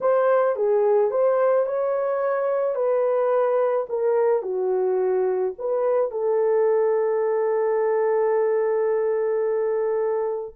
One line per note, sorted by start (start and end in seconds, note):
0.01 0.56 C5
0.56 1.11 G#4
1.11 1.66 C5
1.66 2.75 C#5
2.75 3.86 B4
3.89 4.42 A#4
4.42 5.53 F#4
5.58 6.11 B4
6.11 10.55 A4